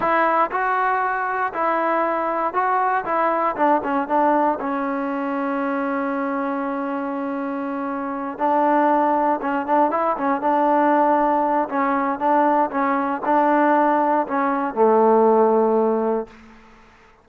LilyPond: \new Staff \with { instrumentName = "trombone" } { \time 4/4 \tempo 4 = 118 e'4 fis'2 e'4~ | e'4 fis'4 e'4 d'8 cis'8 | d'4 cis'2.~ | cis'1~ |
cis'8 d'2 cis'8 d'8 e'8 | cis'8 d'2~ d'8 cis'4 | d'4 cis'4 d'2 | cis'4 a2. | }